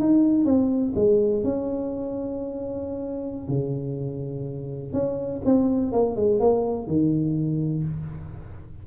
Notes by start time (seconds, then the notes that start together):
0.00 D#4
0.46 C4
0.96 G#3
1.44 C#4
3.48 C#3
4.93 C#4
5.45 C4
5.93 A#3
6.16 G#3
6.40 A#3
6.87 D#3